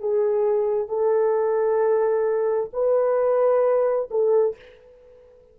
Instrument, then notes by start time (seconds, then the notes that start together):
horn
0.00 G#4
0.89 A4
2.74 B4
4.11 A4